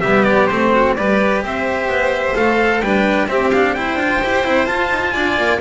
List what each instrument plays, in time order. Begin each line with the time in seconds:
0.00 double bass G3, cello B3, violin G4, trumpet E5
0.24 trumpet D5
0.47 double bass A3, cello C4, trumpet C5
0.73 violin F#4
0.96 double bass G3, cello G4, violin B4, trumpet D5
1.42 double bass C4, violin C5, trumpet E5
1.87 double bass B3
2.36 double bass A3, cello A4, trumpet F5
2.80 double bass G3, cello D4, violin B4, trumpet G5
3.28 cello C4, double bass C4, violin G4, trumpet E5
3.51 cello D4, trumpet F5
3.74 cello E4, violin C5, trumpet G5
3.95 double bass D4, cello F4
4.22 double bass E4, cello G4
4.44 double bass C4, cello E4
4.66 cello F4, double bass F4, trumpet A5
4.90 double bass D#4
5.11 double bass D4, violin D5, trumpet G#5
5.38 double bass A#3